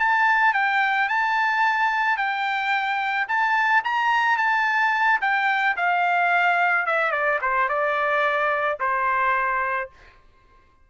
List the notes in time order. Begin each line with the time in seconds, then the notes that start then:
0.00 A5
0.54 G5
1.09 A5
2.17 G5
3.29 A5
3.85 A#5
4.38 A5
5.21 G5
5.77 F5
6.87 E5
7.12 D5
7.42 C5
7.69 D5
8.80 C5